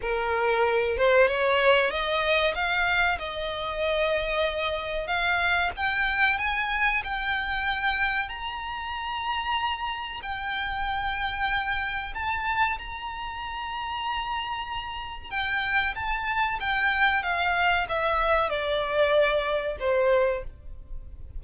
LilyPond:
\new Staff \with { instrumentName = "violin" } { \time 4/4 \tempo 4 = 94 ais'4. c''8 cis''4 dis''4 | f''4 dis''2. | f''4 g''4 gis''4 g''4~ | g''4 ais''2. |
g''2. a''4 | ais''1 | g''4 a''4 g''4 f''4 | e''4 d''2 c''4 | }